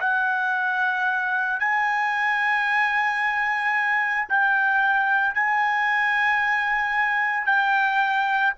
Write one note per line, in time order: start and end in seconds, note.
0.00 1.60 F#5
1.60 4.28 G#5
4.29 5.35 G5
5.35 7.46 G#5
7.46 8.53 G5